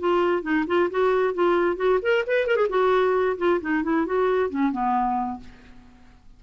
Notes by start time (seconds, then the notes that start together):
0.00 F4
0.43 D#4
0.67 F4
0.91 F#4
1.35 F4
1.77 F#4
2.03 A#4
2.27 B4
2.47 A#4
2.57 G#4
2.70 F#4
3.38 F4
3.61 D#4
3.84 E4
4.06 F#4
4.50 C#4
4.73 B3